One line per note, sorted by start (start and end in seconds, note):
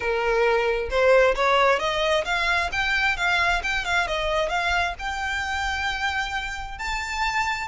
0.00 0.89 A#4
0.89 1.35 C5
1.35 1.79 C#5
1.79 2.24 D#5
2.24 2.69 F5
2.72 3.16 G5
3.16 3.62 F5
3.63 3.84 G5
3.84 4.07 F5
4.07 4.49 D#5
4.49 4.94 F5
4.98 6.78 G5
6.78 7.68 A5